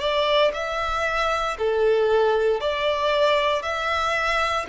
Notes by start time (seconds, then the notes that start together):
0.00 D5
0.54 E5
1.58 A4
2.61 D5
3.63 E5